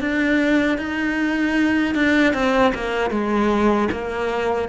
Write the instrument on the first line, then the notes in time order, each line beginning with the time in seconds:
cello
0.00 D4
0.78 D#4
1.95 D4
2.33 C4
2.74 A#3
3.10 G#3
3.91 A#3